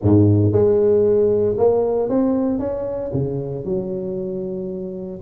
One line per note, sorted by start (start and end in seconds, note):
0.01 0.52 G#2
0.52 1.56 G#3
1.57 2.09 A#3
2.09 2.59 C4
2.59 3.11 C#4
3.13 3.64 C#3
3.64 5.21 F#3